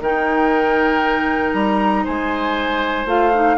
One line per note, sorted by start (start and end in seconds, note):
0.00 1.53 D#3
0.00 3.06 D#4
0.00 2.04 A#4
0.00 1.53 G5
1.53 2.04 G3
1.53 2.04 A#5
2.04 3.05 G#3
2.04 3.56 C5
2.04 3.07 G#5
3.05 3.56 A3
3.05 3.32 F4
3.05 3.57 F5
3.33 3.57 D#4